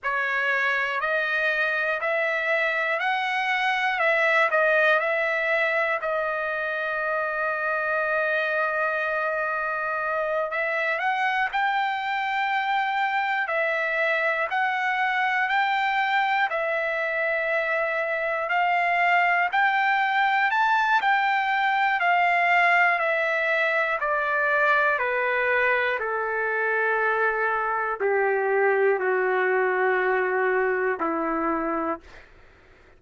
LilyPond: \new Staff \with { instrumentName = "trumpet" } { \time 4/4 \tempo 4 = 60 cis''4 dis''4 e''4 fis''4 | e''8 dis''8 e''4 dis''2~ | dis''2~ dis''8 e''8 fis''8 g''8~ | g''4. e''4 fis''4 g''8~ |
g''8 e''2 f''4 g''8~ | g''8 a''8 g''4 f''4 e''4 | d''4 b'4 a'2 | g'4 fis'2 e'4 | }